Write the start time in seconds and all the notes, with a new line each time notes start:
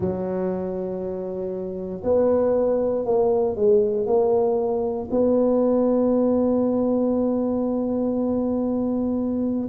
0.00 F#3
2.03 B3
3.05 A#3
3.55 G#3
4.06 A#3
5.11 B3